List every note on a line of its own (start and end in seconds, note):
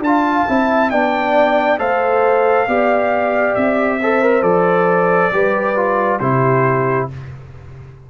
0.00 0.44 D4
0.00 0.48 F4
0.00 0.90 A5
0.07 0.50 F5
0.48 0.92 C4
0.48 0.92 E4
0.48 0.92 E5
0.90 1.79 B3
0.90 1.79 D4
0.90 1.80 D5
0.90 1.79 G5
1.79 2.68 A3
1.79 2.67 A4
1.79 2.68 C5
1.79 3.55 F5
2.68 3.56 B3
2.68 4.01 G4
2.68 4.01 D5
3.55 4.42 C4
3.55 4.43 E5
4.02 4.22 A4
4.02 5.34 C5
4.22 4.43 A#4
4.42 5.31 F3
4.42 5.31 A4
4.42 6.19 D5
5.33 6.21 G3
5.33 5.76 G4
5.33 6.21 B4
5.76 6.20 F4
6.20 7.09 C3
6.20 7.10 E4
6.20 7.09 G4
6.20 7.08 C5